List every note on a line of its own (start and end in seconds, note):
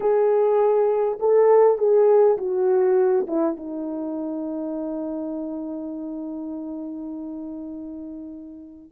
0.00 1.18 G#4
1.19 1.77 A4
1.77 2.37 G#4
2.37 3.26 F#4
3.27 3.56 E4
3.56 8.91 D#4